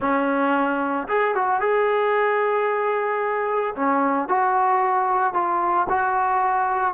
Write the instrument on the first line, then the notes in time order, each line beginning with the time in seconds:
trombone
0.00 C#4
1.08 G#4
1.34 F#4
1.60 G#4
3.75 C#4
4.28 F#4
5.33 F4
5.89 F#4